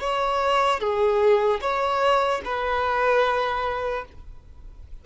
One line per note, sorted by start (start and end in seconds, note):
0.00 0.80 C#5
0.80 1.60 G#4
1.61 2.41 C#5
2.44 4.04 B4